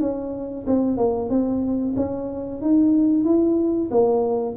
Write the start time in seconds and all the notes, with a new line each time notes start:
0.00 C#4
0.66 C4
0.97 A#3
1.29 C4
1.96 C#4
2.61 D#4
3.24 E4
3.90 A#3